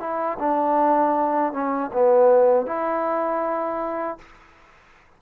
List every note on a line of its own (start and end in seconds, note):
0.00 0.38 E4
0.39 1.53 D4
1.53 1.91 C#4
1.93 2.66 B3
2.66 4.18 E4